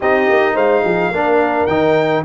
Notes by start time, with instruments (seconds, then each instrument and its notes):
0.00 tuba C4, trombone D#4, horn G4, trumpet D#5
0.29 tuba A#3
0.54 tuba G#3, horn C5, trumpet F5
0.84 tuba F3, horn G#4
1.10 tuba A#3, trombone D4, horn A#4
1.66 tuba D#3, trombone D#4, trumpet G5